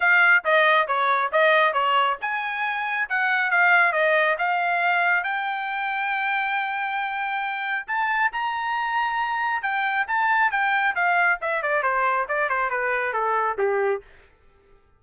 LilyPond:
\new Staff \with { instrumentName = "trumpet" } { \time 4/4 \tempo 4 = 137 f''4 dis''4 cis''4 dis''4 | cis''4 gis''2 fis''4 | f''4 dis''4 f''2 | g''1~ |
g''2 a''4 ais''4~ | ais''2 g''4 a''4 | g''4 f''4 e''8 d''8 c''4 | d''8 c''8 b'4 a'4 g'4 | }